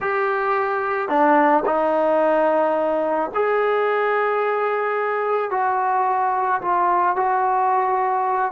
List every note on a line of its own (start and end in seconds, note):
0.00 1.08 G4
1.08 1.63 D4
1.65 3.31 D#4
3.34 5.50 G#4
5.50 6.61 F#4
6.61 7.16 F4
7.16 8.51 F#4